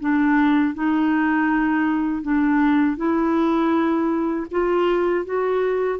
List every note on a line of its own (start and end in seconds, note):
0.00 0.74 D4
0.74 2.22 D#4
2.22 2.97 D4
2.97 4.47 E4
4.51 5.25 F4
5.25 5.99 F#4